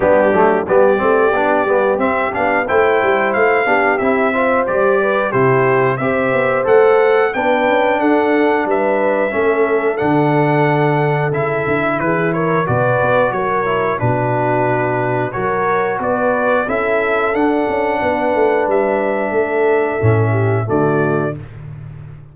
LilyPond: <<
  \new Staff \with { instrumentName = "trumpet" } { \time 4/4 \tempo 4 = 90 g'4 d''2 e''8 f''8 | g''4 f''4 e''4 d''4 | c''4 e''4 fis''4 g''4 | fis''4 e''2 fis''4~ |
fis''4 e''4 b'8 cis''8 d''4 | cis''4 b'2 cis''4 | d''4 e''4 fis''2 | e''2. d''4 | }
  \new Staff \with { instrumentName = "horn" } { \time 4/4 d'4 g'2. | c''4. g'4 c''4 b'8 | g'4 c''2 b'4 | a'4 b'4 a'2~ |
a'2 gis'8 ais'8 b'4 | ais'4 fis'2 ais'4 | b'4 a'2 b'4~ | b'4 a'4. g'8 fis'4 | }
  \new Staff \with { instrumentName = "trombone" } { \time 4/4 b8 a8 b8 c'8 d'8 b8 c'8 d'8 | e'4. d'8 e'8 f'8 g'4 | e'4 g'4 a'4 d'4~ | d'2 cis'4 d'4~ |
d'4 e'2 fis'4~ | fis'8 e'8 d'2 fis'4~ | fis'4 e'4 d'2~ | d'2 cis'4 a4 | }
  \new Staff \with { instrumentName = "tuba" } { \time 4/4 g8 fis8 g8 a8 b8 g8 c'8 b8 | a8 g8 a8 b8 c'4 g4 | c4 c'8 b8 a4 b8 cis'8 | d'4 g4 a4 d4~ |
d4 cis8 d8 e4 b,8 b8 | fis4 b,2 fis4 | b4 cis'4 d'8 cis'8 b8 a8 | g4 a4 a,4 d4 | }
>>